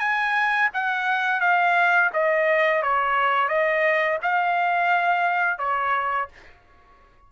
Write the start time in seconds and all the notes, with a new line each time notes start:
0.00 G#5
0.74 F#5
1.41 F5
2.14 D#5
2.83 C#5
3.49 D#5
4.23 F5
5.59 C#5